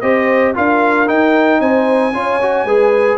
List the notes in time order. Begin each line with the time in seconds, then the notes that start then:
0.00 C4 G4 C5 D#5
0.54 D4 F4 A#4 F5
1.06 D#4 G5
1.60 C4 C5 G#5
2.12 C#4 F4 C#5
2.41 F#4
2.64 G#3 G#4 B4